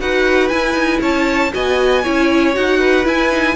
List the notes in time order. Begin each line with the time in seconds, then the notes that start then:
0.00 D#4 F#4 B4 F#5
0.48 E4 G#5
0.74 D#4
1.00 C#4 C#5 A5
1.52 B3 F#4 D#5 G#5
2.03 C#4 E4 C#5
2.54 D#4 F#4 F#5
2.79 B4
3.04 E4 G#5
3.30 D#4